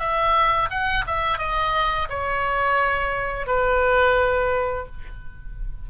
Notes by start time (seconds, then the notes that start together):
0.00 E5
0.70 F#5
1.07 E5
1.39 D#5
2.10 C#5
3.47 B4